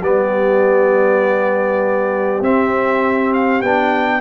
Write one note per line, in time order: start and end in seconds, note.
0.00 2.41 G3
0.00 2.43 B3
0.00 4.20 G4
0.00 2.43 D5
2.41 3.61 C4
2.41 3.64 C4
2.41 3.33 E5
3.34 3.62 F5
3.62 4.21 B3
3.62 4.21 D4
3.62 4.21 G5